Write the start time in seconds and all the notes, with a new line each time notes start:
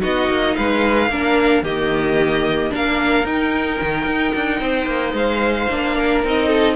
0.00 B3 D#4 F#4 D#5
0.28 A#3
0.55 G#3 B4 F5
1.09 A#3 D4 A#4
1.62 D#3 A#3 G4 D#5
2.70 A#3 D4 A#4 F5
3.23 D#4 G5
3.81 D#3
4.06 D#4
4.35 D4
4.60 C4 C5
4.86 A#3
5.13 G#3 F5
5.70 A#3 D4
5.96 A#4
6.24 C4 D#4 D#5
6.47 A4